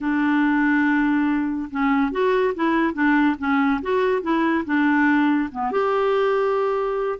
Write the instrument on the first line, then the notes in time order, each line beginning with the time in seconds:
clarinet
0.00 D4
1.71 C#4
2.11 F#4
2.54 E4
2.93 D4
3.38 C#4
3.82 F#4
4.22 E4
4.65 D4
5.51 B3
5.71 G4